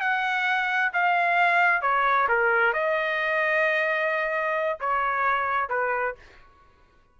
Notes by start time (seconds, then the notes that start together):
0.00 F#5
0.93 F5
1.81 C#5
2.28 A#4
2.73 D#5
4.79 C#5
5.69 B4